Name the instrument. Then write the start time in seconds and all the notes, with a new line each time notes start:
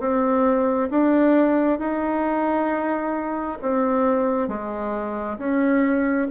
bassoon
0.00 C4
0.91 D4
1.80 D#4
3.62 C4
4.49 G#3
5.39 C#4